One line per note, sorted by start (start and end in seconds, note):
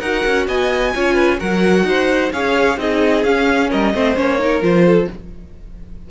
0.00 0.24 D#4
0.00 0.95 F#4
0.00 0.46 A#4
0.00 0.46 F#5
0.26 0.48 C#4
0.48 0.94 B3
0.48 0.94 D#5
0.48 1.40 G#5
0.95 1.41 C#4
0.95 1.39 F4
0.95 1.14 C#5
1.14 1.37 B4
1.39 1.83 F#3
1.39 2.31 F#4
1.39 1.85 A#4
1.39 2.32 F#5
1.83 2.30 D#4
1.83 2.33 C5
2.33 2.77 C#4
2.33 2.78 G#4
2.33 2.79 C#5
2.33 2.79 F5
2.77 3.24 C4
2.77 3.24 D#4
2.77 3.70 G#4
2.77 3.24 D#5
3.24 3.70 C#4
3.24 3.95 C#4
3.24 3.70 F5
3.70 3.94 G3
3.70 3.93 A#4
3.70 4.16 D#5
3.94 4.17 A3
3.94 4.16 C4
3.94 4.40 C5
4.16 4.62 A#3
4.16 4.39 C#4
4.16 4.63 C#5
4.39 4.62 D#4
4.39 4.86 A#4
4.62 5.08 F3
4.62 5.08 F4
4.62 5.10 C5
4.86 5.09 A4